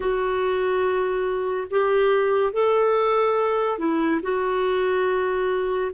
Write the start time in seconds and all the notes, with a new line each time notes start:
0.00 F#4
1.70 G4
2.52 A4
3.78 E4
4.22 F#4